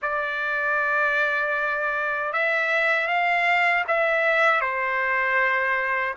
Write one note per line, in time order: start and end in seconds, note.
0.02 2.32 D5
2.32 3.07 E5
3.07 3.84 F5
3.87 4.60 E5
4.60 6.14 C5